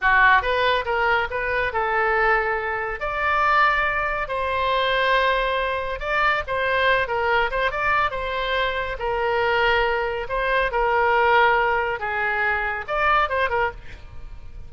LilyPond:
\new Staff \with { instrumentName = "oboe" } { \time 4/4 \tempo 4 = 140 fis'4 b'4 ais'4 b'4 | a'2. d''4~ | d''2 c''2~ | c''2 d''4 c''4~ |
c''8 ais'4 c''8 d''4 c''4~ | c''4 ais'2. | c''4 ais'2. | gis'2 d''4 c''8 ais'8 | }